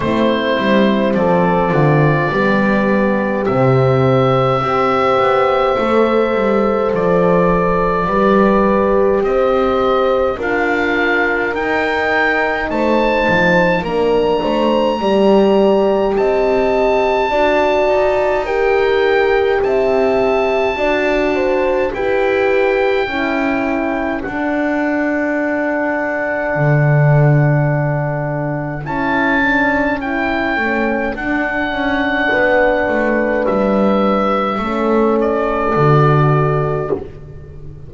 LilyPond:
<<
  \new Staff \with { instrumentName = "oboe" } { \time 4/4 \tempo 4 = 52 c''4 d''2 e''4~ | e''2 d''2 | dis''4 f''4 g''4 a''4 | ais''2 a''2 |
g''4 a''2 g''4~ | g''4 fis''2.~ | fis''4 a''4 g''4 fis''4~ | fis''4 e''4. d''4. | }
  \new Staff \with { instrumentName = "horn" } { \time 4/4 e'4 a'8 f'8 g'2 | c''2. b'4 | c''4 ais'2 c''4 | ais'8 c''8 d''4 dis''4 d''4 |
ais'4 e''4 d''8 c''8 b'4 | a'1~ | a'1 | b'2 a'2 | }
  \new Staff \with { instrumentName = "horn" } { \time 4/4 c'2 b4 c'4 | g'4 a'2 g'4~ | g'4 f'4 dis'2 | d'4 g'2 fis'4 |
g'2 fis'4 g'4 | e'4 d'2.~ | d'4 e'8 d'8 e'8 cis'8 d'4~ | d'2 cis'4 fis'4 | }
  \new Staff \with { instrumentName = "double bass" } { \time 4/4 a8 g8 f8 d8 g4 c4 | c'8 b8 a8 g8 f4 g4 | c'4 d'4 dis'4 a8 f8 | ais8 a8 g4 c'4 d'8 dis'8~ |
dis'4 c'4 d'4 e'4 | cis'4 d'2 d4~ | d4 cis'4. a8 d'8 cis'8 | b8 a8 g4 a4 d4 | }
>>